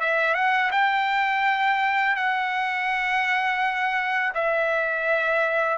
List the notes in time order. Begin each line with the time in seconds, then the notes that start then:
0.00 E5
0.34 F#5
0.71 G5
2.16 F#5
4.34 E5